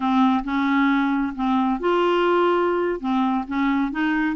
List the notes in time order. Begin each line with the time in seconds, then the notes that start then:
0.00 C4
0.44 C#4
1.35 C4
1.80 F4
3.00 C4
3.47 C#4
3.91 D#4